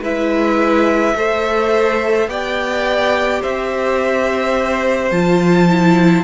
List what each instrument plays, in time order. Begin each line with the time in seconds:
0.00 cello G#3, viola E4, violin B4 E5
1.15 cello A3, viola A4, violin C5
2.27 cello B3, viola G4, violin D5 G5
3.41 cello C4, violin C5 E5
5.10 cello F3, viola F4, violin A5
5.68 viola E4